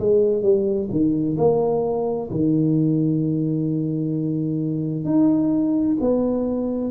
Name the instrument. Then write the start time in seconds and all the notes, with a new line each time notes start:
tuba
0.00 G#3
0.43 G3
0.91 D#3
1.37 A#3
2.31 D#3
5.05 D#4
6.01 B3